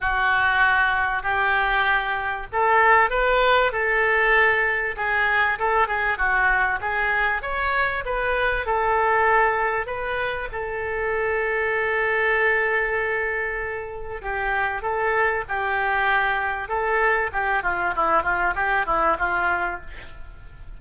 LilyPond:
\new Staff \with { instrumentName = "oboe" } { \time 4/4 \tempo 4 = 97 fis'2 g'2 | a'4 b'4 a'2 | gis'4 a'8 gis'8 fis'4 gis'4 | cis''4 b'4 a'2 |
b'4 a'2.~ | a'2. g'4 | a'4 g'2 a'4 | g'8 f'8 e'8 f'8 g'8 e'8 f'4 | }